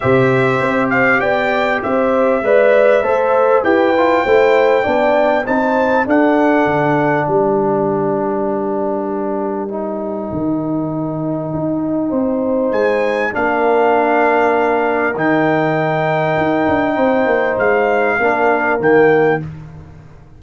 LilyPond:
<<
  \new Staff \with { instrumentName = "trumpet" } { \time 4/4 \tempo 4 = 99 e''4. f''8 g''4 e''4~ | e''2 g''2~ | g''4 a''4 fis''2 | g''1~ |
g''1~ | g''4 gis''4 f''2~ | f''4 g''2.~ | g''4 f''2 g''4 | }
  \new Staff \with { instrumentName = "horn" } { \time 4/4 c''2 d''4 c''4 | d''4 c''4 b'4 c''4 | d''4 c''4 a'2 | ais'1~ |
ais'1 | c''2 ais'2~ | ais'1 | c''2 ais'2 | }
  \new Staff \with { instrumentName = "trombone" } { \time 4/4 g'1 | b'4 a'4 g'8 f'8 e'4 | d'4 dis'4 d'2~ | d'1 |
dis'1~ | dis'2 d'2~ | d'4 dis'2.~ | dis'2 d'4 ais4 | }
  \new Staff \with { instrumentName = "tuba" } { \time 4/4 c4 c'4 b4 c'4 | gis4 a4 e'4 a4 | b4 c'4 d'4 d4 | g1~ |
g4 dis2 dis'4 | c'4 gis4 ais2~ | ais4 dis2 dis'8 d'8 | c'8 ais8 gis4 ais4 dis4 | }
>>